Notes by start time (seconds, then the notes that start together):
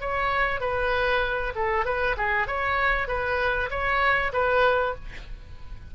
0.00 C#5
0.60 B4
1.55 A4
1.85 B4
2.17 G#4
2.47 C#5
3.07 B4
3.70 C#5
4.33 B4